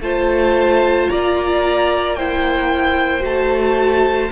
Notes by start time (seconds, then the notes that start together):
0.00 A3 F4 C5 A5
1.09 A#3 D5 A#5
2.15 E4 C5 G5
3.20 A3 F#4 A5